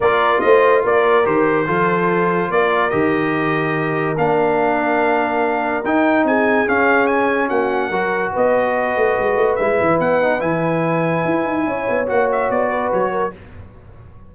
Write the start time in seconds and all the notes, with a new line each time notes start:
0.00 A#3 F4 A#4 D5
0.40 A3 C5 D#5
0.83 A#3 A#4 D5
1.24 D#3 G4 C5
1.66 F3 F4 A4
2.49 A#3 A#4 D5
2.90 D#3 G4 D#5
4.17 A#3 D4 F5
5.84 D#4 G5
6.24 C4 G#4 G#5
6.67 C#4 F5
7.06 G#5
7.48 A#3 F#4 F#5
7.89 F#3 F#4 A#4
8.32 B3 B4 D#5
8.96 A3
9.18 G#3
9.35 A3
9.55 G#3 E4 E5
9.80 E3
9.99 B3 F#5
10.22 D#4
10.39 E3 E4 G#5
11.24 E4
11.45 D#4
11.66 C#4 C#5
11.89 B3
12.06 A#3 F#4 F#5
12.31 E5
12.49 B3 D5
12.69 B4
12.93 F#3 C#5
13.11 A#4